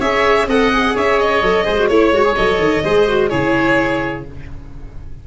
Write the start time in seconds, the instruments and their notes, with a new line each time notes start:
0.00 tuba C#4, viola G#4, oboe C#5, violin E5
0.47 tuba C4, viola A4, oboe D#5, violin F#5
0.73 viola G#4
0.95 tuba C#4, oboe C#5, violin E5
1.20 violin D#5
1.42 tuba F#3, viola A4
1.65 tuba G#3, viola G#4, oboe C5
1.79 viola F#4
1.88 tuba A3, viola E4, violin C#5, oboe C#5
2.12 tuba G#3, viola F#4
2.25 viola G#4
2.36 tuba F#3, viola A4, violin D#5
2.59 tuba D#3
2.84 tuba G#3, viola G#4, oboe C5
3.09 viola F#4
3.29 tuba C#3, viola E4, oboe G#4, violin C#5